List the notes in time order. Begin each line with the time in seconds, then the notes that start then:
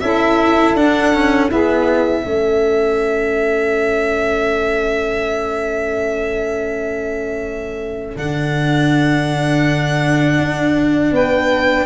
0.00 C#4 E4 A4 E5
0.75 D4 F#5
1.14 C#4
1.51 B3 E4 G#4 E5
2.23 A3 C#4 A4
8.16 D3 D4 F#5
10.39 D4
11.12 B3 B4 G5